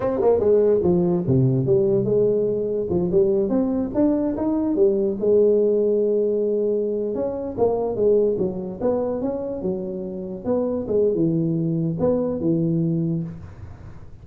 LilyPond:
\new Staff \with { instrumentName = "tuba" } { \time 4/4 \tempo 4 = 145 c'8 ais8 gis4 f4 c4 | g4 gis2 f8 g8~ | g8 c'4 d'4 dis'4 g8~ | g8 gis2.~ gis8~ |
gis4~ gis16 cis'4 ais4 gis8.~ | gis16 fis4 b4 cis'4 fis8.~ | fis4~ fis16 b4 gis8. e4~ | e4 b4 e2 | }